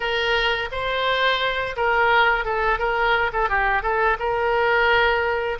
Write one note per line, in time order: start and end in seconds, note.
0.00 0.68 A#4
0.71 1.76 C5
1.76 2.44 A#4
2.44 2.78 A4
2.78 3.31 A#4
3.32 3.49 A4
3.49 3.82 G4
3.82 4.17 A4
4.19 5.58 A#4